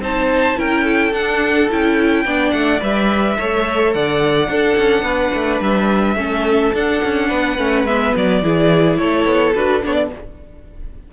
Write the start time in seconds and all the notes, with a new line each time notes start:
0.00 C4 D#4 C5 A5
0.57 C#4 E4 A#4 G5
0.85 A4
1.13 D4 F#5
1.71 C#4 E4 G5
2.25 B3 D4 D5
2.52 A3 F#5
2.80 G3 B4 E5
3.36 A3 A4 C#5
3.94 D3 D5 F#5
4.49 D4 A4
4.78 C#4
5.02 B3 B4
5.35 A3
5.61 G3 E5
6.16 A3 C#4 A4
6.75 D4 F#5
7.04 C#4
7.29 B3 B4
7.58 A3 C#4
7.84 G#3 B3 E5
8.16 F#3 D5
8.43 E3 E4 G#4
8.99 A3 A4 C#5
9.26 B3
9.55 D4 F#4 B4
9.82 B3 D4 C#5
9.94 D5